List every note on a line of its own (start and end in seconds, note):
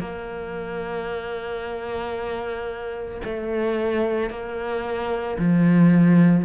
0.00 3.21 A#3
3.24 4.30 A3
4.30 5.37 A#3
5.38 6.45 F3